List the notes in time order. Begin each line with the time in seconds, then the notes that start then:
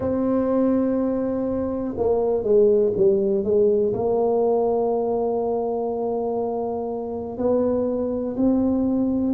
0.00 C4
1.97 A#3
2.43 G#3
2.96 G3
3.43 G#3
3.93 A#3
7.37 B3
8.36 C4